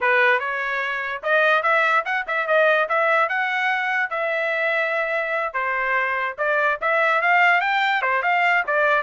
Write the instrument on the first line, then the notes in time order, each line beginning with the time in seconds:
trumpet
0.00 B4
0.39 C#5
1.22 D#5
1.62 E5
2.05 F#5
2.27 E5
2.47 D#5
2.88 E5
3.28 F#5
4.09 E5
5.53 C5
6.38 D5
6.81 E5
7.21 F5
7.60 G5
8.02 C5
8.22 F5
8.66 D5